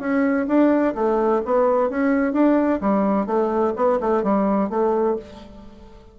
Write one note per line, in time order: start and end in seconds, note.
0.00 0.47 C#4
0.48 0.95 D4
0.95 1.42 A3
1.45 1.90 B3
1.90 2.33 C#4
2.33 2.80 D4
2.81 3.27 G3
3.27 3.74 A3
3.76 4.00 B3
4.01 4.23 A3
4.23 4.70 G3
4.70 5.17 A3